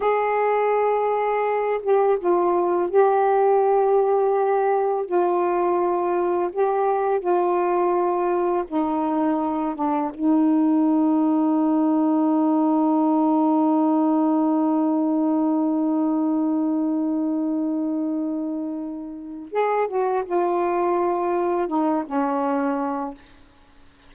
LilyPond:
\new Staff \with { instrumentName = "saxophone" } { \time 4/4 \tempo 4 = 83 gis'2~ gis'8 g'8 f'4 | g'2. f'4~ | f'4 g'4 f'2 | dis'4. d'8 dis'2~ |
dis'1~ | dis'1~ | dis'2. gis'8 fis'8 | f'2 dis'8 cis'4. | }